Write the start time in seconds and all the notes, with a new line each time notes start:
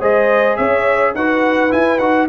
0.00 G#3 G#4 C5 D#5
0.57 C#4 C#5 E5
1.15 D#4 F#4 B4 F#5
1.70 E4 G#5
1.98 D#4 F#4 F#5